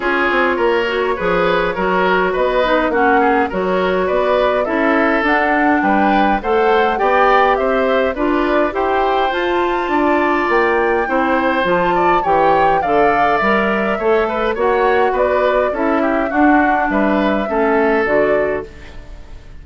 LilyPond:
<<
  \new Staff \with { instrumentName = "flute" } { \time 4/4 \tempo 4 = 103 cis''1 | dis''4 fis''4 cis''4 d''4 | e''4 fis''4 g''4 fis''4 | g''4 e''4 d''4 g''4 |
a''2 g''2 | a''4 g''4 f''4 e''4~ | e''4 fis''4 d''4 e''4 | fis''4 e''2 d''4 | }
  \new Staff \with { instrumentName = "oboe" } { \time 4/4 gis'4 ais'4 b'4 ais'4 | b'4 fis'8 gis'8 ais'4 b'4 | a'2 b'4 c''4 | d''4 c''4 b'4 c''4~ |
c''4 d''2 c''4~ | c''8 d''8 cis''4 d''2 | cis''8 b'8 cis''4 b'4 a'8 g'8 | fis'4 b'4 a'2 | }
  \new Staff \with { instrumentName = "clarinet" } { \time 4/4 f'4. fis'8 gis'4 fis'4~ | fis'8 dis'8 cis'4 fis'2 | e'4 d'2 a'4 | g'2 f'4 g'4 |
f'2. e'4 | f'4 g'4 a'4 ais'4 | a'4 fis'2 e'4 | d'2 cis'4 fis'4 | }
  \new Staff \with { instrumentName = "bassoon" } { \time 4/4 cis'8 c'8 ais4 f4 fis4 | b4 ais4 fis4 b4 | cis'4 d'4 g4 a4 | b4 c'4 d'4 e'4 |
f'4 d'4 ais4 c'4 | f4 e4 d4 g4 | a4 ais4 b4 cis'4 | d'4 g4 a4 d4 | }
>>